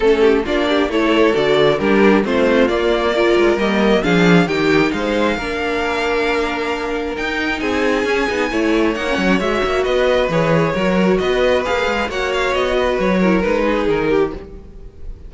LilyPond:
<<
  \new Staff \with { instrumentName = "violin" } { \time 4/4 \tempo 4 = 134 a'4 d''4 cis''4 d''4 | ais'4 c''4 d''2 | dis''4 f''4 g''4 f''4~ | f''1 |
g''4 gis''2. | fis''4 e''4 dis''4 cis''4~ | cis''4 dis''4 f''4 fis''8 f''8 | dis''4 cis''4 b'4 ais'4 | }
  \new Staff \with { instrumentName = "violin" } { \time 4/4 a'8 g'8 f'8 g'8 a'2 | g'4 f'2 ais'4~ | ais'4 gis'4 g'4 c''4 | ais'1~ |
ais'4 gis'2 cis''4~ | cis''2 b'2 | ais'4 b'2 cis''4~ | cis''8 b'4 ais'4 gis'4 g'8 | }
  \new Staff \with { instrumentName = "viola" } { \time 4/4 cis'4 d'4 e'4 fis'4 | d'4 c'4 ais4 f'4 | ais4 d'4 dis'2 | d'1 |
dis'2 cis'8 dis'8 e'4 | dis'16 cis'8. fis'2 gis'4 | fis'2 gis'4 fis'4~ | fis'4. e'8 dis'2 | }
  \new Staff \with { instrumentName = "cello" } { \time 4/4 a4 ais4 a4 d4 | g4 a4 ais4. gis8 | g4 f4 dis4 gis4 | ais1 |
dis'4 c'4 cis'8 b8 a4 | ais8 fis8 gis8 ais8 b4 e4 | fis4 b4 ais8 gis8 ais4 | b4 fis4 gis4 dis4 | }
>>